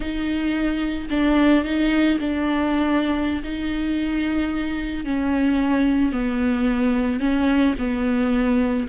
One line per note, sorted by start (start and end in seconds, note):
0.00 1.08 D#4
1.10 1.64 D4
1.64 2.18 D#4
2.20 3.42 D4
3.43 5.04 D#4
5.04 6.12 C#4
6.12 7.20 B3
7.20 7.74 C#4
7.78 8.87 B3